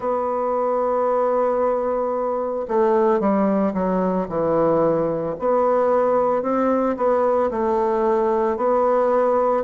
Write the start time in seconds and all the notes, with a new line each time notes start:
0.00 B3
2.68 A3
3.19 G3
3.73 F#3
4.29 E3
5.39 B3
6.42 C4
6.96 B3
7.50 A3
8.56 B3